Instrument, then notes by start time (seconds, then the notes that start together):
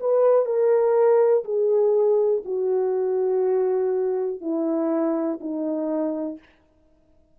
horn
0.00 B4
0.46 A#4
1.44 G#4
2.45 F#4
4.41 E4
5.41 D#4